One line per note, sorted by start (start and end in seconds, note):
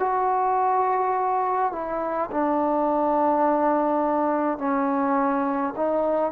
0.00 1.73 F#4
1.73 2.30 E4
2.31 4.59 D4
4.59 5.74 C#4
5.77 6.33 D#4